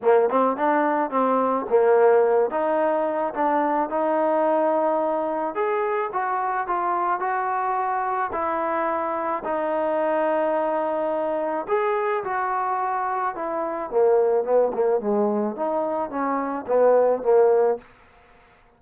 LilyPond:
\new Staff \with { instrumentName = "trombone" } { \time 4/4 \tempo 4 = 108 ais8 c'8 d'4 c'4 ais4~ | ais8 dis'4. d'4 dis'4~ | dis'2 gis'4 fis'4 | f'4 fis'2 e'4~ |
e'4 dis'2.~ | dis'4 gis'4 fis'2 | e'4 ais4 b8 ais8 gis4 | dis'4 cis'4 b4 ais4 | }